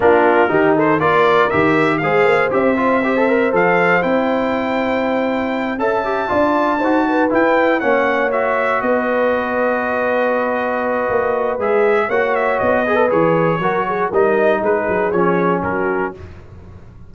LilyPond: <<
  \new Staff \with { instrumentName = "trumpet" } { \time 4/4 \tempo 4 = 119 ais'4. c''8 d''4 e''4 | f''4 e''2 f''4 | g''2.~ g''8 a''8~ | a''2~ a''8 g''4 fis''8~ |
fis''8 e''4 dis''2~ dis''8~ | dis''2. e''4 | fis''8 e''8 dis''4 cis''2 | dis''4 b'4 cis''4 ais'4 | }
  \new Staff \with { instrumentName = "horn" } { \time 4/4 f'4 g'8 a'8 ais'2 | c''1~ | c''2.~ c''8 e''8~ | e''8 d''4 c''8 b'4. cis''8~ |
cis''4. b'2~ b'8~ | b'1 | cis''4. b'4. ais'8 gis'8 | ais'4 gis'2 fis'4 | }
  \new Staff \with { instrumentName = "trombone" } { \time 4/4 d'4 dis'4 f'4 g'4 | gis'4 g'8 f'8 g'16 a'16 ais'8 a'4 | e'2.~ e'8 a'8 | g'8 f'4 fis'4 e'4 cis'8~ |
cis'8 fis'2.~ fis'8~ | fis'2. gis'4 | fis'4. gis'16 a'16 gis'4 fis'4 | dis'2 cis'2 | }
  \new Staff \with { instrumentName = "tuba" } { \time 4/4 ais4 dis4 ais4 dis4 | gis8 ais8 c'2 f4 | c'2.~ c'8 cis'8~ | cis'8 d'4 dis'4 e'4 ais8~ |
ais4. b2~ b8~ | b2 ais4 gis4 | ais4 b4 e4 fis4 | g4 gis8 fis8 f4 fis4 | }
>>